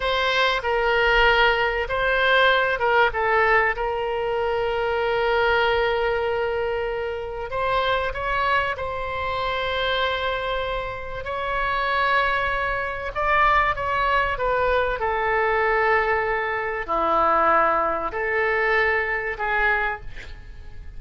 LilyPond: \new Staff \with { instrumentName = "oboe" } { \time 4/4 \tempo 4 = 96 c''4 ais'2 c''4~ | c''8 ais'8 a'4 ais'2~ | ais'1 | c''4 cis''4 c''2~ |
c''2 cis''2~ | cis''4 d''4 cis''4 b'4 | a'2. e'4~ | e'4 a'2 gis'4 | }